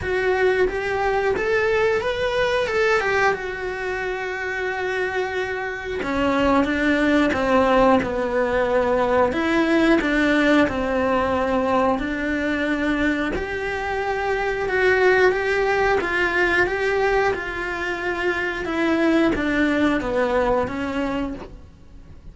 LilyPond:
\new Staff \with { instrumentName = "cello" } { \time 4/4 \tempo 4 = 90 fis'4 g'4 a'4 b'4 | a'8 g'8 fis'2.~ | fis'4 cis'4 d'4 c'4 | b2 e'4 d'4 |
c'2 d'2 | g'2 fis'4 g'4 | f'4 g'4 f'2 | e'4 d'4 b4 cis'4 | }